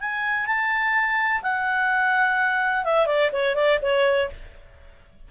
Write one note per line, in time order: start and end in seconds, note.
0.00 0.46 G#5
0.46 1.41 A5
1.42 2.84 F#5
2.84 3.06 E5
3.06 3.30 D5
3.32 3.55 C#5
3.55 3.79 D5
3.82 4.29 C#5